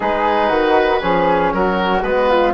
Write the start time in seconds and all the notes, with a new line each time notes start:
0.00 G#3 D#4 G#4 B4
0.49 D#3 F#4
1.00 F3 C#4 G#4
1.53 F#3 F#4 A#4
2.02 G#3 B3 B4
2.29 F4